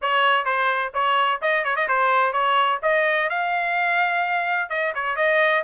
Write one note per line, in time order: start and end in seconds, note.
0.01 0.45 C#5
0.45 0.92 C5
0.94 1.40 C#5
1.41 1.64 D#5
1.64 1.76 C#5
1.76 1.87 D#5
1.87 2.32 C5
2.32 2.79 C#5
2.82 3.29 D#5
3.29 4.69 F5
4.69 4.93 D#5
4.94 5.16 C#5
5.16 5.62 D#5